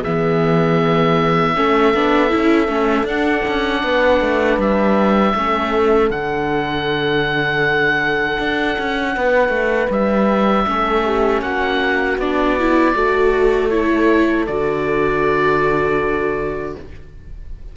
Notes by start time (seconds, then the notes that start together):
0.00 E3 B3 G#4 E5
1.55 A3 C#4 A4
1.94 B3 D4
2.29 E4
2.35 C#4
2.68 A3 C#4
3.03 D4 F#5
3.48 C#4
3.83 B3 B4
4.21 A3
4.58 G3 E5
5.34 A3 C#4 A4
6.10 D3 D4 F#5
8.39 D4
8.78 C#4
9.15 B3 B4
9.49 A3
9.90 G3 E5
10.66 A3 C#4 A4
11.05 G4
11.41 A#3 F#4 F#5
12.18 B3 D4 D5
12.59 E4
12.94 A3 F#4 A4
13.69 E4 C#5
14.47 D3 F#4 D5